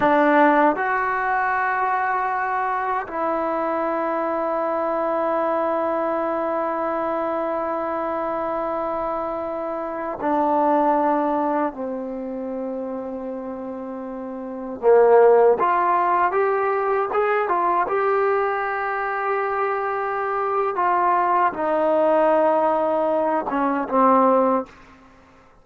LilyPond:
\new Staff \with { instrumentName = "trombone" } { \time 4/4 \tempo 4 = 78 d'4 fis'2. | e'1~ | e'1~ | e'4~ e'16 d'2 c'8.~ |
c'2.~ c'16 ais8.~ | ais16 f'4 g'4 gis'8 f'8 g'8.~ | g'2. f'4 | dis'2~ dis'8 cis'8 c'4 | }